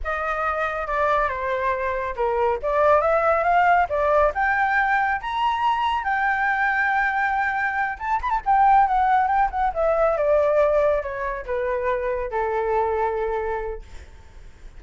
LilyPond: \new Staff \with { instrumentName = "flute" } { \time 4/4 \tempo 4 = 139 dis''2 d''4 c''4~ | c''4 ais'4 d''4 e''4 | f''4 d''4 g''2 | ais''2 g''2~ |
g''2~ g''8 a''8 b''16 a''16 g''8~ | g''8 fis''4 g''8 fis''8 e''4 d''8~ | d''4. cis''4 b'4.~ | b'8 a'2.~ a'8 | }